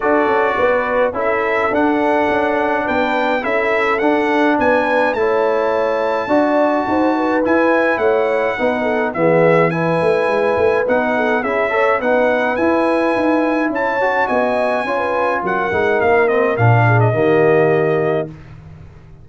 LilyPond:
<<
  \new Staff \with { instrumentName = "trumpet" } { \time 4/4 \tempo 4 = 105 d''2 e''4 fis''4~ | fis''4 g''4 e''4 fis''4 | gis''4 a''2.~ | a''4 gis''4 fis''2 |
e''4 gis''2 fis''4 | e''4 fis''4 gis''2 | a''4 gis''2 fis''4 | f''8 dis''8 f''8. dis''2~ dis''16 | }
  \new Staff \with { instrumentName = "horn" } { \time 4/4 a'4 b'4 a'2~ | a'4 b'4 a'2 | b'4 cis''2 d''4 | c''8 b'4. cis''4 b'8 a'8 |
gis'4 b'2~ b'8 a'8 | gis'8 cis''8 b'2. | cis''4 dis''4 cis''16 b'8. ais'4~ | ais'4. gis'8 g'2 | }
  \new Staff \with { instrumentName = "trombone" } { \time 4/4 fis'2 e'4 d'4~ | d'2 e'4 d'4~ | d'4 e'2 fis'4~ | fis'4 e'2 dis'4 |
b4 e'2 dis'4 | e'8 a'8 dis'4 e'2~ | e'8 fis'4. f'4. dis'8~ | dis'8 c'8 d'4 ais2 | }
  \new Staff \with { instrumentName = "tuba" } { \time 4/4 d'8 cis'8 b4 cis'4 d'4 | cis'4 b4 cis'4 d'4 | b4 a2 d'4 | dis'4 e'4 a4 b4 |
e4. a8 gis8 a8 b4 | cis'4 b4 e'4 dis'4 | cis'4 b4 cis'4 fis8 gis8 | ais4 ais,4 dis2 | }
>>